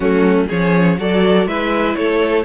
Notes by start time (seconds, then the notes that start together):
0.00 F#3 A3 C#4 F#4
0.47 F3 C#4 G#4 C#5
0.98 F#3 F#4 A4 D5
1.46 G#3 E4 B4 E5
1.95 A3 A4 C#5